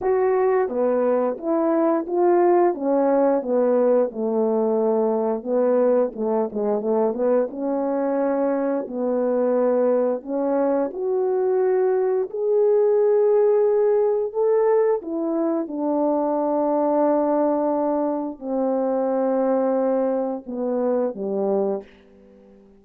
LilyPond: \new Staff \with { instrumentName = "horn" } { \time 4/4 \tempo 4 = 88 fis'4 b4 e'4 f'4 | cis'4 b4 a2 | b4 a8 gis8 a8 b8 cis'4~ | cis'4 b2 cis'4 |
fis'2 gis'2~ | gis'4 a'4 e'4 d'4~ | d'2. c'4~ | c'2 b4 g4 | }